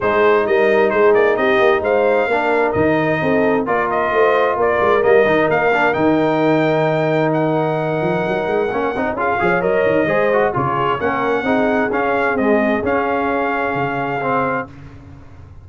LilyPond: <<
  \new Staff \with { instrumentName = "trumpet" } { \time 4/4 \tempo 4 = 131 c''4 dis''4 c''8 d''8 dis''4 | f''2 dis''2 | d''8 dis''4. d''4 dis''4 | f''4 g''2. |
fis''1 | f''4 dis''2 cis''4 | fis''2 f''4 dis''4 | f''1 | }
  \new Staff \with { instrumentName = "horn" } { \time 4/4 gis'4 ais'4 gis'4 g'4 | c''4 ais'2 a'4 | ais'4 c''4 ais'2~ | ais'1~ |
ais'1 | gis'8 cis''4. c''4 gis'4 | ais'4 gis'2.~ | gis'1 | }
  \new Staff \with { instrumentName = "trombone" } { \time 4/4 dis'1~ | dis'4 d'4 dis'2 | f'2. ais8 dis'8~ | dis'8 d'8 dis'2.~ |
dis'2. cis'8 dis'8 | f'8 gis'8 ais'4 gis'8 fis'8 f'4 | cis'4 dis'4 cis'4 gis4 | cis'2. c'4 | }
  \new Staff \with { instrumentName = "tuba" } { \time 4/4 gis4 g4 gis8 ais8 c'8 ais8 | gis4 ais4 dis4 c'4 | ais4 a4 ais8 gis8 g8 dis8 | ais4 dis2.~ |
dis4. f8 fis8 gis8 ais8 c'8 | cis'8 f8 fis8 dis8 gis4 cis4 | ais4 c'4 cis'4 c'4 | cis'2 cis2 | }
>>